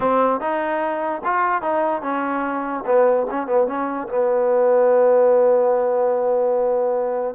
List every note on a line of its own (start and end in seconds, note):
0.00 0.40 C4
0.40 1.22 D#4
1.24 1.62 F4
1.62 2.02 D#4
2.02 2.83 C#4
2.86 3.27 B3
3.30 3.46 C#4
3.46 3.67 B3
3.67 4.08 C#4
4.08 7.34 B3